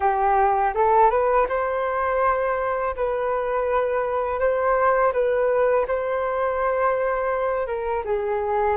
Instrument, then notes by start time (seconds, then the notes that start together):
flute
0.00 G4
0.74 A4
1.10 B4
1.48 C5
2.96 B4
4.39 C5
5.12 B4
5.87 C5
7.66 A#4
8.04 G#4